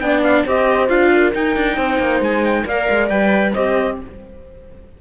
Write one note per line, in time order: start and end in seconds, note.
0.00 0.45 B3
0.00 0.47 D4
0.00 0.45 D5
0.00 0.22 G5
0.24 0.46 F5
0.45 0.90 C4
0.45 0.88 G4
0.45 1.11 C5
0.45 0.89 D#5
0.88 1.34 D4
0.88 1.33 F4
0.88 1.33 F5
1.13 1.76 A#4
1.34 2.66 D#4
1.34 1.56 D#4
1.34 2.23 G5
1.56 1.77 D4
1.76 1.99 C4
1.76 2.64 C5
1.99 2.20 A#3
2.20 2.64 G#3
2.20 2.45 G#5
2.45 2.67 G5
2.66 2.88 A#3
2.66 3.10 A#4
2.66 3.53 D5
2.66 3.10 F5
2.90 3.10 G#3
3.10 3.54 G3
3.10 3.54 B4
3.10 3.54 G5
3.53 4.01 C4
3.53 4.00 G4
3.53 3.98 C5
3.53 3.98 D#5